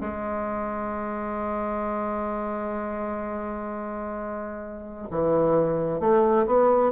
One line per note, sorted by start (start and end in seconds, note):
0.00 5.08 G#3
5.10 6.00 E3
6.00 6.46 A3
6.46 6.91 B3